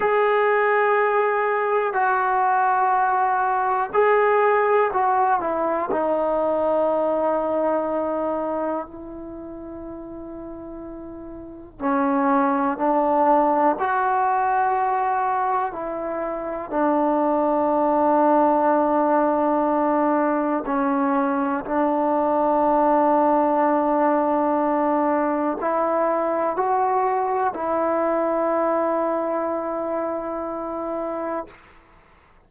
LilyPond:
\new Staff \with { instrumentName = "trombone" } { \time 4/4 \tempo 4 = 61 gis'2 fis'2 | gis'4 fis'8 e'8 dis'2~ | dis'4 e'2. | cis'4 d'4 fis'2 |
e'4 d'2.~ | d'4 cis'4 d'2~ | d'2 e'4 fis'4 | e'1 | }